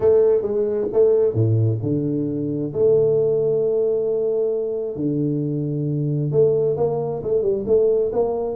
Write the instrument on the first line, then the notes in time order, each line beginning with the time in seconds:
tuba
0.00 A3
0.42 G#3
0.92 A3
1.33 A2
1.82 D3
2.73 A3
4.96 D3
6.31 A3
6.76 A#3
7.23 A3
7.42 G3
7.66 A3
8.12 A#3